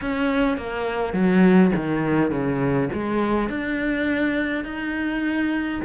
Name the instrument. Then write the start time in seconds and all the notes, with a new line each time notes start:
cello
0.01 C#4
0.57 A#3
1.13 F#3
1.75 D#3
2.30 C#3
2.93 G#3
3.49 D4
4.64 D#4